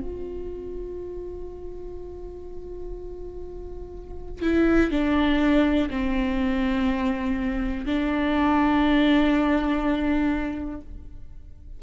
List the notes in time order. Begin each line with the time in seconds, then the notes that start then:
0.00 F4
4.42 E4
4.90 D4
5.90 C4
7.85 D4